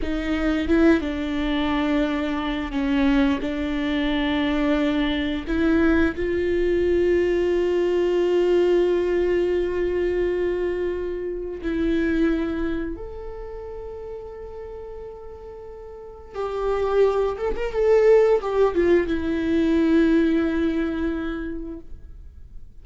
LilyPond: \new Staff \with { instrumentName = "viola" } { \time 4/4 \tempo 4 = 88 dis'4 e'8 d'2~ d'8 | cis'4 d'2. | e'4 f'2.~ | f'1~ |
f'4 e'2 a'4~ | a'1 | g'4. a'16 ais'16 a'4 g'8 f'8 | e'1 | }